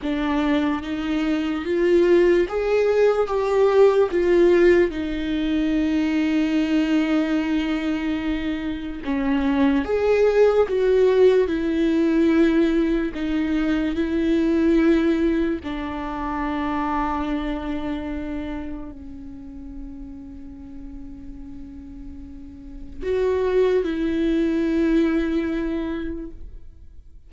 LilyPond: \new Staff \with { instrumentName = "viola" } { \time 4/4 \tempo 4 = 73 d'4 dis'4 f'4 gis'4 | g'4 f'4 dis'2~ | dis'2. cis'4 | gis'4 fis'4 e'2 |
dis'4 e'2 d'4~ | d'2. cis'4~ | cis'1 | fis'4 e'2. | }